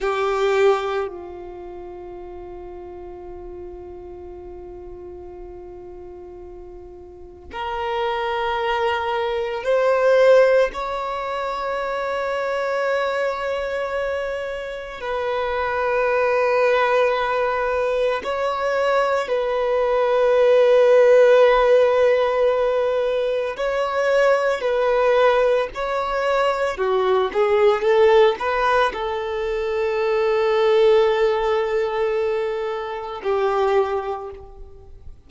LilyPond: \new Staff \with { instrumentName = "violin" } { \time 4/4 \tempo 4 = 56 g'4 f'2.~ | f'2. ais'4~ | ais'4 c''4 cis''2~ | cis''2 b'2~ |
b'4 cis''4 b'2~ | b'2 cis''4 b'4 | cis''4 fis'8 gis'8 a'8 b'8 a'4~ | a'2. g'4 | }